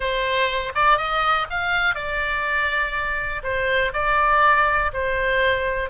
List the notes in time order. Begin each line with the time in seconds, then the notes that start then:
0.00 C5
0.74 D5
0.97 D#5
1.50 F5
1.94 D5
3.43 C5
3.93 D5
4.93 C5